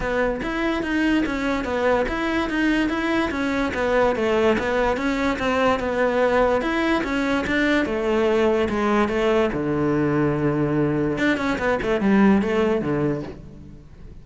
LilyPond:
\new Staff \with { instrumentName = "cello" } { \time 4/4 \tempo 4 = 145 b4 e'4 dis'4 cis'4 | b4 e'4 dis'4 e'4 | cis'4 b4 a4 b4 | cis'4 c'4 b2 |
e'4 cis'4 d'4 a4~ | a4 gis4 a4 d4~ | d2. d'8 cis'8 | b8 a8 g4 a4 d4 | }